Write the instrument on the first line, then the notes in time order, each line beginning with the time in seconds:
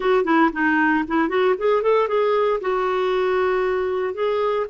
clarinet
0.00 F#4
0.24 E4
0.52 D#4
1.07 E4
1.29 F#4
1.58 G#4
1.82 A4
2.08 G#4
2.60 F#4
4.14 G#4